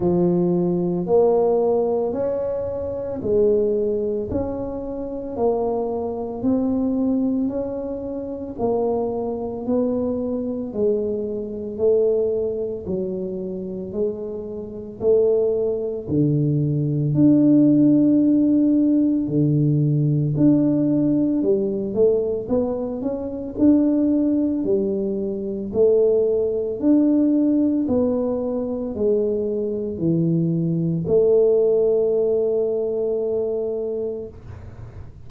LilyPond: \new Staff \with { instrumentName = "tuba" } { \time 4/4 \tempo 4 = 56 f4 ais4 cis'4 gis4 | cis'4 ais4 c'4 cis'4 | ais4 b4 gis4 a4 | fis4 gis4 a4 d4 |
d'2 d4 d'4 | g8 a8 b8 cis'8 d'4 g4 | a4 d'4 b4 gis4 | e4 a2. | }